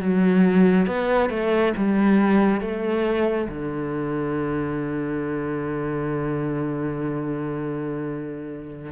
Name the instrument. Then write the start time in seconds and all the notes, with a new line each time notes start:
cello
0.00 F#3
0.87 B3
1.30 A3
1.77 G3
2.61 A3
3.49 D3